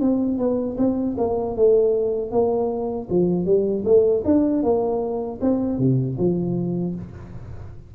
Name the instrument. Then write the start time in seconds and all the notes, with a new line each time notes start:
tuba
0.00 C4
0.38 B3
0.77 C4
1.17 A#3
1.56 A3
2.31 A#3
3.09 F3
3.45 G3
3.85 A3
4.24 D4
4.63 A#3
5.41 C4
5.78 C3
6.18 F3